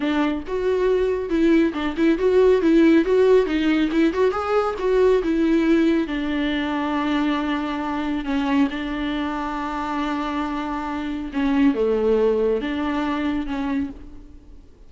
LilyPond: \new Staff \with { instrumentName = "viola" } { \time 4/4 \tempo 4 = 138 d'4 fis'2 e'4 | d'8 e'8 fis'4 e'4 fis'4 | dis'4 e'8 fis'8 gis'4 fis'4 | e'2 d'2~ |
d'2. cis'4 | d'1~ | d'2 cis'4 a4~ | a4 d'2 cis'4 | }